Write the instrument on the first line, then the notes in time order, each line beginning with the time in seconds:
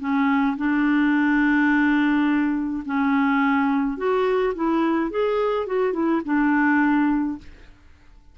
clarinet
0.00 C#4
0.57 D4
2.86 C#4
3.98 F#4
4.55 E4
5.11 G#4
5.67 F#4
5.93 E4
6.25 D4